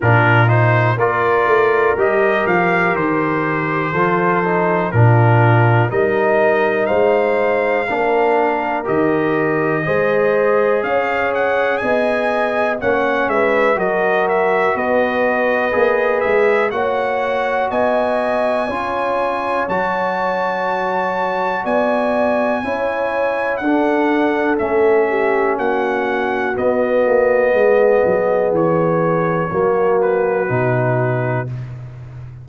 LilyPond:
<<
  \new Staff \with { instrumentName = "trumpet" } { \time 4/4 \tempo 4 = 61 ais'8 c''8 d''4 dis''8 f''8 c''4~ | c''4 ais'4 dis''4 f''4~ | f''4 dis''2 f''8 fis''8 | gis''4 fis''8 e''8 dis''8 e''8 dis''4~ |
dis''8 e''8 fis''4 gis''2 | a''2 gis''2 | fis''4 e''4 fis''4 dis''4~ | dis''4 cis''4. b'4. | }
  \new Staff \with { instrumentName = "horn" } { \time 4/4 f'4 ais'2. | a'4 f'4 ais'4 c''4 | ais'2 c''4 cis''4 | dis''4 cis''8 b'8 ais'4 b'4~ |
b'4 cis''4 dis''4 cis''4~ | cis''2 d''4 cis''4 | a'4. g'8 fis'2 | gis'2 fis'2 | }
  \new Staff \with { instrumentName = "trombone" } { \time 4/4 d'8 dis'8 f'4 g'2 | f'8 dis'8 d'4 dis'2 | d'4 g'4 gis'2~ | gis'4 cis'4 fis'2 |
gis'4 fis'2 f'4 | fis'2. e'4 | d'4 cis'2 b4~ | b2 ais4 dis'4 | }
  \new Staff \with { instrumentName = "tuba" } { \time 4/4 ais,4 ais8 a8 g8 f8 dis4 | f4 ais,4 g4 gis4 | ais4 dis4 gis4 cis'4 | b4 ais8 gis8 fis4 b4 |
ais8 gis8 ais4 b4 cis'4 | fis2 b4 cis'4 | d'4 a4 ais4 b8 ais8 | gis8 fis8 e4 fis4 b,4 | }
>>